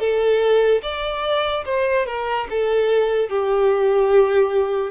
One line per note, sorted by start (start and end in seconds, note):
0.00 0.82 A4
0.83 1.65 D5
1.66 2.06 C5
2.06 2.47 A#4
2.50 3.30 A4
3.30 4.91 G4